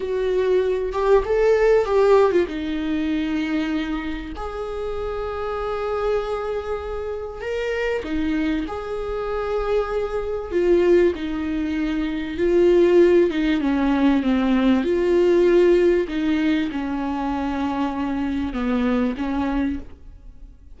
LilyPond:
\new Staff \with { instrumentName = "viola" } { \time 4/4 \tempo 4 = 97 fis'4. g'8 a'4 g'8. f'16 | dis'2. gis'4~ | gis'1 | ais'4 dis'4 gis'2~ |
gis'4 f'4 dis'2 | f'4. dis'8 cis'4 c'4 | f'2 dis'4 cis'4~ | cis'2 b4 cis'4 | }